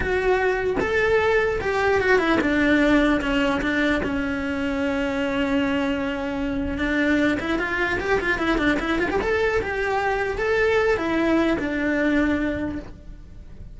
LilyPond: \new Staff \with { instrumentName = "cello" } { \time 4/4 \tempo 4 = 150 fis'2 a'2 | g'4 fis'8 e'8 d'2 | cis'4 d'4 cis'2~ | cis'1~ |
cis'4 d'4. e'8 f'4 | g'8 f'8 e'8 d'8 e'8 f'16 g'16 a'4 | g'2 a'4. e'8~ | e'4 d'2. | }